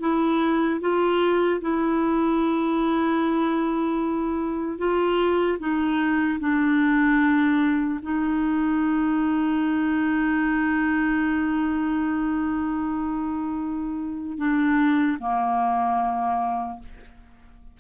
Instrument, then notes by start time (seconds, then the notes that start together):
clarinet
0.00 E4
0.81 F4
1.61 E4
4.78 F4
5.59 D#4
6.40 D4
8.02 D#4
14.38 D4
15.19 A#3